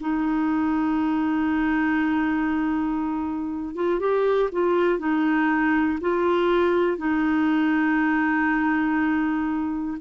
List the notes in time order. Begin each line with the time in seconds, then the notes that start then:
0.00 D#4
3.75 F4
4.00 G4
4.52 F4
4.99 D#4
6.00 F4
6.97 D#4